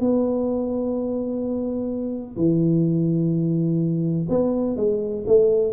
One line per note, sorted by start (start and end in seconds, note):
0.00 2.36 B3
2.36 4.27 E3
4.29 4.76 B3
4.76 5.24 G#3
5.26 5.72 A3